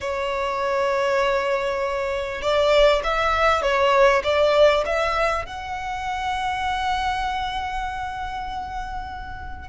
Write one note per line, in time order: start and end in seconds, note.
0.00 2.41 C#5
2.41 3.02 D5
3.03 3.61 E5
3.61 4.22 C#5
4.23 4.84 D5
4.85 5.45 E5
5.45 9.68 F#5